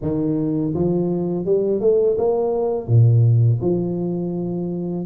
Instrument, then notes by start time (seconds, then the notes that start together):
tuba
0.01 D#3
0.74 F3
1.45 G3
1.80 A3
2.17 A#3
2.87 A#2
3.61 F3